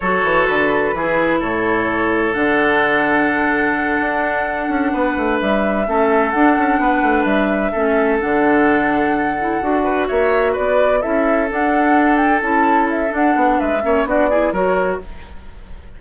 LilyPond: <<
  \new Staff \with { instrumentName = "flute" } { \time 4/4 \tempo 4 = 128 cis''4 b'2 cis''4~ | cis''4 fis''2.~ | fis''2.~ fis''8 e''8~ | e''4. fis''2 e''8~ |
e''4. fis''2~ fis''8~ | fis''4. e''4 d''4 e''8~ | e''8 fis''4. g''8 a''4 e''8 | fis''4 e''4 d''4 cis''4 | }
  \new Staff \with { instrumentName = "oboe" } { \time 4/4 a'2 gis'4 a'4~ | a'1~ | a'2~ a'8 b'4.~ | b'8 a'2 b'4.~ |
b'8 a'2.~ a'8~ | a'4 b'8 cis''4 b'4 a'8~ | a'1~ | a'4 b'8 cis''8 fis'8 gis'8 ais'4 | }
  \new Staff \with { instrumentName = "clarinet" } { \time 4/4 fis'2 e'2~ | e'4 d'2.~ | d'1~ | d'8 cis'4 d'2~ d'8~ |
d'8 cis'4 d'2~ d'8 | e'8 fis'2. e'8~ | e'8 d'2 e'4. | d'4. cis'8 d'8 e'8 fis'4 | }
  \new Staff \with { instrumentName = "bassoon" } { \time 4/4 fis8 e8 d4 e4 a,4~ | a,4 d2.~ | d8 d'4. cis'8 b8 a8 g8~ | g8 a4 d'8 cis'8 b8 a8 g8~ |
g8 a4 d2~ d8~ | d8 d'4 ais4 b4 cis'8~ | cis'8 d'2 cis'4. | d'8 b8 gis8 ais8 b4 fis4 | }
>>